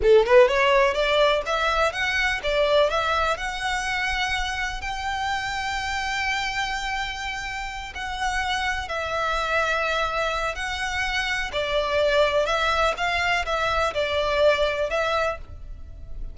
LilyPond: \new Staff \with { instrumentName = "violin" } { \time 4/4 \tempo 4 = 125 a'8 b'8 cis''4 d''4 e''4 | fis''4 d''4 e''4 fis''4~ | fis''2 g''2~ | g''1~ |
g''8 fis''2 e''4.~ | e''2 fis''2 | d''2 e''4 f''4 | e''4 d''2 e''4 | }